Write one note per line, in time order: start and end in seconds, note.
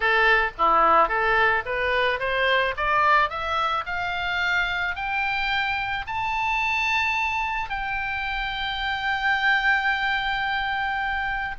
0.00 0.51 A4
0.58 1.08 E4
1.08 1.63 A4
1.65 2.19 B4
2.19 2.74 C5
2.76 3.29 D5
3.29 3.84 E5
3.86 4.95 F5
4.95 6.06 G5
6.07 7.69 A5
7.69 11.55 G5